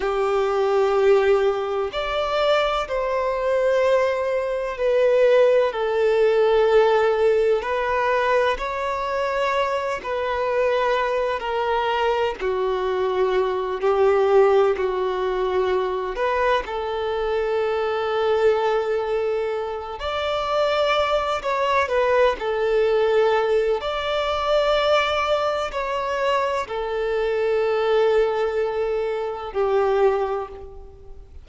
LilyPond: \new Staff \with { instrumentName = "violin" } { \time 4/4 \tempo 4 = 63 g'2 d''4 c''4~ | c''4 b'4 a'2 | b'4 cis''4. b'4. | ais'4 fis'4. g'4 fis'8~ |
fis'4 b'8 a'2~ a'8~ | a'4 d''4. cis''8 b'8 a'8~ | a'4 d''2 cis''4 | a'2. g'4 | }